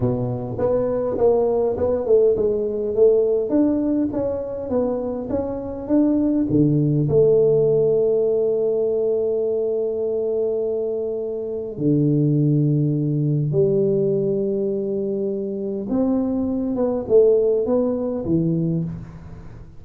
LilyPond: \new Staff \with { instrumentName = "tuba" } { \time 4/4 \tempo 4 = 102 b,4 b4 ais4 b8 a8 | gis4 a4 d'4 cis'4 | b4 cis'4 d'4 d4 | a1~ |
a1 | d2. g4~ | g2. c'4~ | c'8 b8 a4 b4 e4 | }